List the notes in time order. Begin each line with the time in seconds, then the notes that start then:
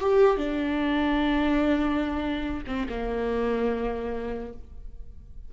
0.00 G4
0.37 D4
2.67 C4
2.88 A#3